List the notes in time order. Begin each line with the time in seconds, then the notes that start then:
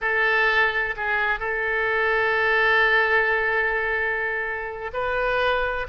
0.01 A4
0.96 G#4
1.39 A4
4.93 B4